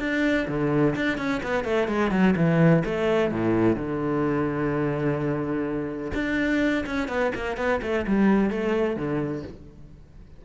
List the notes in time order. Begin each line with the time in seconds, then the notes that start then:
0.00 D4
0.48 D3
0.96 D4
1.18 C#4
1.43 B3
1.64 A3
1.88 G#3
2.11 F#3
2.37 E3
2.85 A3
3.32 A2
3.76 D3
6.14 D4
6.87 C#4
7.09 B3
7.36 A#3
7.58 B3
7.83 A3
8.08 G3
8.51 A3
8.97 D3